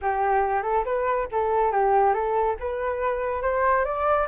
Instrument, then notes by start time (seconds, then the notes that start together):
flute
0.01 G4
0.63 A4
0.85 B4
1.31 A4
1.71 G4
2.13 A4
2.59 B4
3.42 C5
3.84 D5